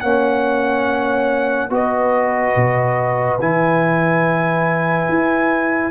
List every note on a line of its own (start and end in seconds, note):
0.00 1.69 A#3
0.00 1.70 C#4
0.00 1.71 C#5
0.00 1.69 F#5
1.69 2.54 B3
1.69 3.39 F#4
1.69 5.91 B4
1.69 3.40 D#5
2.55 3.39 B2
3.39 5.08 E3
3.39 5.91 E4
3.39 5.91 G#5
5.08 5.91 E4